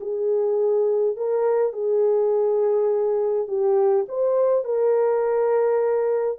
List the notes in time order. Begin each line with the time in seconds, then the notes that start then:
0.00 G#4
1.16 A#4
1.73 G#4
3.47 G4
4.08 C5
4.64 A#4